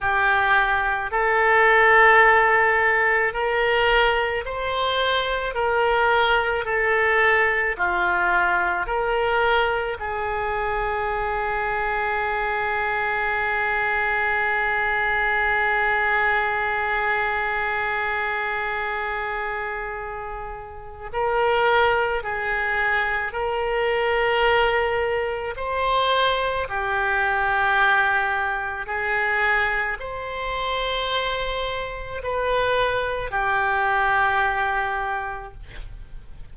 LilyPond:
\new Staff \with { instrumentName = "oboe" } { \time 4/4 \tempo 4 = 54 g'4 a'2 ais'4 | c''4 ais'4 a'4 f'4 | ais'4 gis'2.~ | gis'1~ |
gis'2. ais'4 | gis'4 ais'2 c''4 | g'2 gis'4 c''4~ | c''4 b'4 g'2 | }